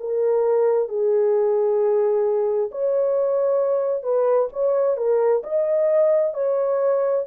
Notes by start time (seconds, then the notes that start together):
0.00 A#4
0.88 G#4
2.71 C#5
4.03 B4
4.52 C#5
4.97 A#4
5.43 D#5
6.34 C#5